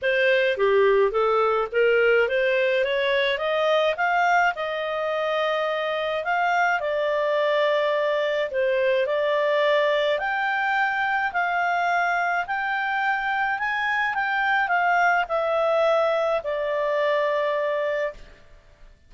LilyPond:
\new Staff \with { instrumentName = "clarinet" } { \time 4/4 \tempo 4 = 106 c''4 g'4 a'4 ais'4 | c''4 cis''4 dis''4 f''4 | dis''2. f''4 | d''2. c''4 |
d''2 g''2 | f''2 g''2 | gis''4 g''4 f''4 e''4~ | e''4 d''2. | }